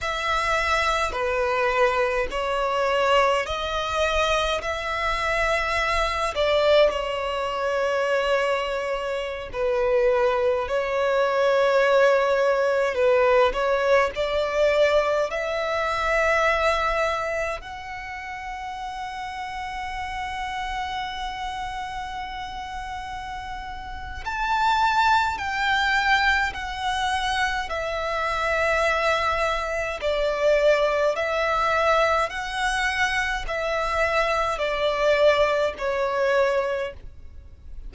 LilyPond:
\new Staff \with { instrumentName = "violin" } { \time 4/4 \tempo 4 = 52 e''4 b'4 cis''4 dis''4 | e''4. d''8 cis''2~ | cis''16 b'4 cis''2 b'8 cis''16~ | cis''16 d''4 e''2 fis''8.~ |
fis''1~ | fis''4 a''4 g''4 fis''4 | e''2 d''4 e''4 | fis''4 e''4 d''4 cis''4 | }